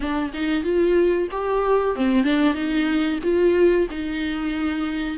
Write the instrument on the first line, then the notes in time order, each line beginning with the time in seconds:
viola
0.00 D4
0.33 D#4
0.63 F4
1.31 G4
1.95 C4
2.23 D4
2.54 D#4
3.23 F4
3.90 D#4